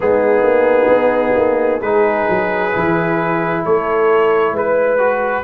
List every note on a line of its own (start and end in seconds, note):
0.00 0.42 G#3
0.00 1.80 B3
0.00 1.82 D#4
0.00 1.81 G#4
0.42 0.87 A#3
0.88 1.33 B3
1.36 1.81 A#3
1.81 2.26 G#3
1.81 2.71 D#4
1.81 3.64 G#4
1.81 3.63 B4
2.29 2.74 F#3
2.71 3.65 E3
2.71 4.98 E4
3.65 4.52 A3
3.65 4.54 A4
3.65 4.56 C#5
4.52 5.43 G#3
4.52 5.44 B4
4.98 5.43 F#4